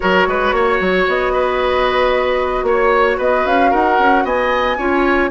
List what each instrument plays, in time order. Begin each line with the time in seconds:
0.00 bassoon F#3, clarinet F#4, oboe A#4, flute C#5
0.27 bassoon G#3, oboe B4
0.52 bassoon A#3, oboe C#5
0.80 bassoon F#3
1.07 bassoon B3, flute D#5
1.32 oboe B4
2.62 bassoon A#3, flute C#5, oboe C#5
3.17 bassoon B3, oboe B4, flute D#5
3.45 bassoon C#4, flute F5
3.70 bassoon D#4, oboe A#4, flute F#5
3.99 bassoon C#4
4.24 bassoon B3, oboe D#5, flute G#5
4.77 bassoon C#4, clarinet F4, oboe C#5